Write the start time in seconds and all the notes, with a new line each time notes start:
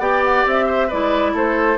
0.00 B3 G4 D5 G5
0.24 F#5
0.47 C4 E5
0.67 C5
0.88 G#3 E4 B4 D5
1.34 A3 A4 C5